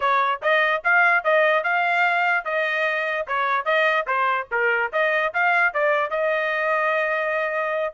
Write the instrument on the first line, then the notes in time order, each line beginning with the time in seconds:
trumpet
0.00 C#5
0.41 D#5
0.83 F5
1.24 D#5
1.63 F5
2.45 D#5
3.27 C#5
3.65 D#5
4.06 C5
4.51 A#4
4.92 D#5
5.33 F5
5.73 D5
6.10 D#5